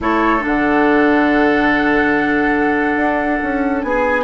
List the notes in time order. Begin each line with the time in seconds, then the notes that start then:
0.00 A3 E4 A4 C#5
0.39 D4
0.45 D3 F#5
2.96 D4
3.42 C#4
3.82 B3 G#4 G#5